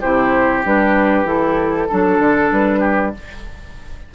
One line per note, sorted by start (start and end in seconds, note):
0.00 0.65 C3
0.00 0.64 E4
0.00 1.88 G4
0.00 0.64 C5
0.64 1.24 G3
0.64 1.26 D4
0.64 1.27 B4
1.24 1.87 E3
1.24 1.88 E4
1.24 2.52 A4
1.88 2.19 F#3
1.88 3.14 D4
1.88 2.80 A4
2.19 2.50 D3
2.52 3.14 G3
2.52 3.14 B4
2.80 3.11 G4